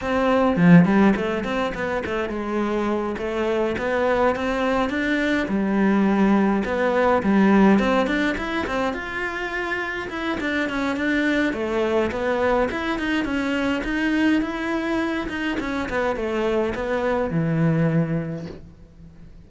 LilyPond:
\new Staff \with { instrumentName = "cello" } { \time 4/4 \tempo 4 = 104 c'4 f8 g8 a8 c'8 b8 a8 | gis4. a4 b4 c'8~ | c'8 d'4 g2 b8~ | b8 g4 c'8 d'8 e'8 c'8 f'8~ |
f'4. e'8 d'8 cis'8 d'4 | a4 b4 e'8 dis'8 cis'4 | dis'4 e'4. dis'8 cis'8 b8 | a4 b4 e2 | }